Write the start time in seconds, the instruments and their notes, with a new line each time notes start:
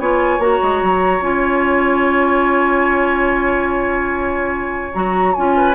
0.00 bassoon B3, clarinet F4, oboe C#5, flute G#5
0.39 bassoon A#3, clarinet F#4, flute A#5
0.63 bassoon G#3
0.83 bassoon F#3
1.21 bassoon C#4, clarinet F4, flute G#5
4.94 bassoon F#3, clarinet F#4, flute A#5
5.34 bassoon C#4, clarinet F4, flute G#5
5.57 oboe B4